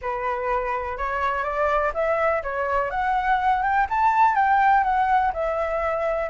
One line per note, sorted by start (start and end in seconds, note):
0.01 0.97 B4
0.97 1.43 C#5
1.43 1.92 D5
1.94 2.42 E5
2.42 2.90 C#5
2.90 3.62 F#5
3.62 3.87 G5
3.89 4.35 A5
4.35 4.83 G5
4.83 5.32 F#5
5.33 6.29 E5